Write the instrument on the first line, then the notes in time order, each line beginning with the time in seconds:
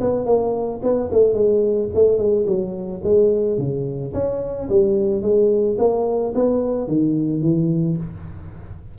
tuba
0.00 B3
0.26 A#3
0.82 B3
1.12 A3
1.33 G#3
1.94 A3
2.18 G#3
2.46 F#3
3.03 G#3
3.58 C#3
4.13 C#4
4.69 G3
5.22 G#3
5.78 A#3
6.35 B3
6.88 D#3
7.42 E3